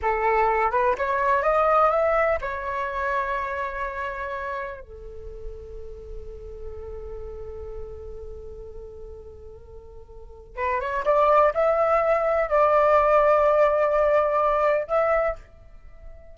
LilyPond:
\new Staff \with { instrumentName = "flute" } { \time 4/4 \tempo 4 = 125 a'4. b'8 cis''4 dis''4 | e''4 cis''2.~ | cis''2 a'2~ | a'1~ |
a'1~ | a'2 b'8 cis''8 d''4 | e''2 d''2~ | d''2. e''4 | }